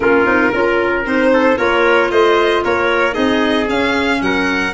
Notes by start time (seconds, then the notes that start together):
0.00 A#3 C#4 F4 A#4
0.25 C4 D#4
0.52 C#4 F4 A#4
1.04 C4 D#4 C5
1.33 A4
1.56 A#3 F4 A#4 C#5
2.10 A3 C5 D#5
2.64 A#3 A#4 C#5
3.12 C4 D#4 G#4 D#5
3.67 C#4 F5
4.21 F#3 A#4 F#5